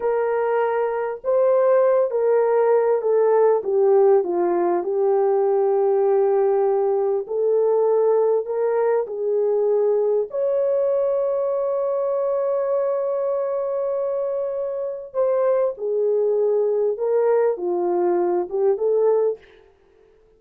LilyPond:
\new Staff \with { instrumentName = "horn" } { \time 4/4 \tempo 4 = 99 ais'2 c''4. ais'8~ | ais'4 a'4 g'4 f'4 | g'1 | a'2 ais'4 gis'4~ |
gis'4 cis''2.~ | cis''1~ | cis''4 c''4 gis'2 | ais'4 f'4. g'8 a'4 | }